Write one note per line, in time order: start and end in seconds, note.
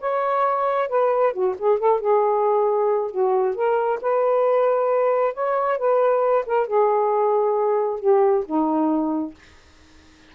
0.00 0.89 C#5
0.89 1.33 B4
1.33 1.55 F#4
1.59 1.79 G#4
1.79 2.00 A4
2.00 3.11 G#4
3.11 3.55 F#4
3.55 4.00 A#4
4.01 5.34 B4
5.34 5.78 C#5
5.78 6.45 B4
6.46 6.67 A#4
6.67 8.00 G#4
8.00 8.44 G4
8.45 9.34 D#4